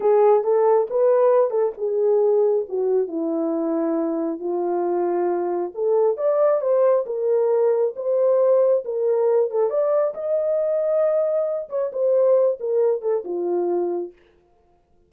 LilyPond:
\new Staff \with { instrumentName = "horn" } { \time 4/4 \tempo 4 = 136 gis'4 a'4 b'4. a'8 | gis'2 fis'4 e'4~ | e'2 f'2~ | f'4 a'4 d''4 c''4 |
ais'2 c''2 | ais'4. a'8 d''4 dis''4~ | dis''2~ dis''8 cis''8 c''4~ | c''8 ais'4 a'8 f'2 | }